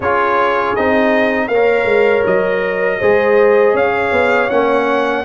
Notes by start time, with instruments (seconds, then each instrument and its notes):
0.00 tuba C#4, trombone F4, horn G#4, trumpet C#5
0.75 tuba C4, trombone D#4, trumpet D#5
1.48 tuba A#3, horn C#5, trumpet F5
1.54 trombone A#4
1.85 tuba G#3
2.26 tuba F#3, trumpet D#5
2.99 tuba G#3, trombone G#4, horn C5
3.73 tuba C#4, horn C#5, trumpet F5
4.12 tuba B3
4.50 tuba A#3, trombone C#4, trumpet F#5